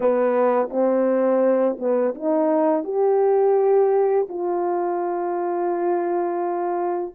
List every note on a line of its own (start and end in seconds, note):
0.00 0.69 B3
0.69 1.77 C4
1.79 2.14 B3
2.14 2.84 D#4
2.84 4.27 G4
4.28 7.14 F4